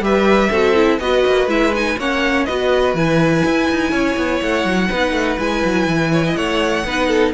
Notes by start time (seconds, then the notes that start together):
0.00 G3 G4 B4 E5
0.50 C4 F#4 A4
0.75 E4
0.99 B3 F#4 B4 D#5
1.27 A#3
1.47 G#3 E4 E5
1.74 D#4 G#5
1.98 A#3 C#4 C#5 F#5
2.45 B3 F#4 B4 D#5
2.94 E3 E4 G#5
3.45 E4
3.70 D#4
3.91 C#4 C#5
4.17 B3
4.42 A3 F#5
4.65 F#3
4.89 B3 D#4 B4
5.12 A3
5.38 G#3 E4 G#5
5.65 F#3
5.87 E3
6.13 C#5
6.26 D#5
6.36 A3 C#5 F#5
6.84 B3 D#4 B4
7.08 A4